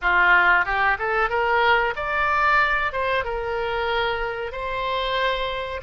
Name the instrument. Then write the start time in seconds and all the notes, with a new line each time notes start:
oboe
0.01 F4
0.65 G4
0.98 A4
1.29 A#4
1.96 D5
2.92 C5
3.24 A#4
4.52 C5